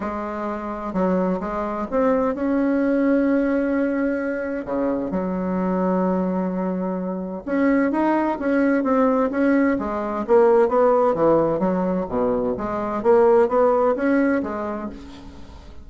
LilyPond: \new Staff \with { instrumentName = "bassoon" } { \time 4/4 \tempo 4 = 129 gis2 fis4 gis4 | c'4 cis'2.~ | cis'2 cis4 fis4~ | fis1 |
cis'4 dis'4 cis'4 c'4 | cis'4 gis4 ais4 b4 | e4 fis4 b,4 gis4 | ais4 b4 cis'4 gis4 | }